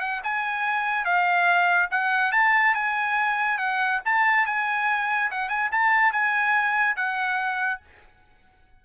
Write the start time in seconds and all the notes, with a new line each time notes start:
0.00 F#5
0.24 G#5
1.05 F5
1.91 F#5
2.32 A5
2.75 G#5
3.58 F#5
4.05 A5
4.46 G#5
5.31 F#5
5.49 G#5
5.72 A5
6.12 G#5
6.96 F#5